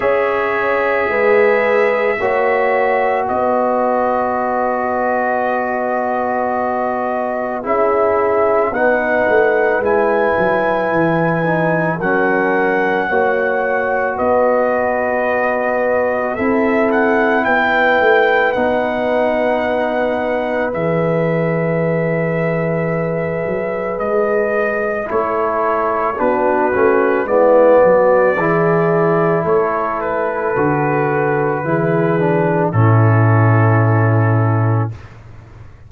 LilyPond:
<<
  \new Staff \with { instrumentName = "trumpet" } { \time 4/4 \tempo 4 = 55 e''2. dis''4~ | dis''2. e''4 | fis''4 gis''2 fis''4~ | fis''4 dis''2 e''8 fis''8 |
g''4 fis''2 e''4~ | e''2 dis''4 cis''4 | b'4 d''2 cis''8 b'8~ | b'2 a'2 | }
  \new Staff \with { instrumentName = "horn" } { \time 4/4 cis''4 b'4 cis''4 b'4~ | b'2. gis'4 | b'2. ais'4 | cis''4 b'2 a'4 |
b'1~ | b'2. a'4 | fis'4 e'8 fis'8 gis'4 a'4~ | a'4 gis'4 e'2 | }
  \new Staff \with { instrumentName = "trombone" } { \time 4/4 gis'2 fis'2~ | fis'2. e'4 | dis'4 e'4. dis'8 cis'4 | fis'2. e'4~ |
e'4 dis'2 gis'4~ | gis'2. e'4 | d'8 cis'8 b4 e'2 | fis'4 e'8 d'8 cis'2 | }
  \new Staff \with { instrumentName = "tuba" } { \time 4/4 cis'4 gis4 ais4 b4~ | b2. cis'4 | b8 a8 gis8 fis8 e4 fis4 | ais4 b2 c'4 |
b8 a8 b2 e4~ | e4. fis8 gis4 a4 | b8 a8 gis8 fis8 e4 a4 | d4 e4 a,2 | }
>>